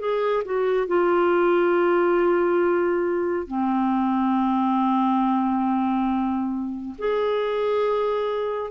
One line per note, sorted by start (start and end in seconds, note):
0.00 0.43 G#4
0.45 0.87 F#4
0.87 3.47 F4
3.47 6.95 C4
6.99 8.71 G#4